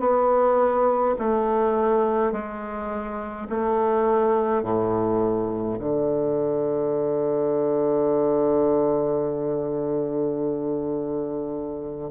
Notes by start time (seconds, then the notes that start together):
0.00 B3
1.19 A3
2.32 G#3
3.49 A3
4.63 A2
5.79 D3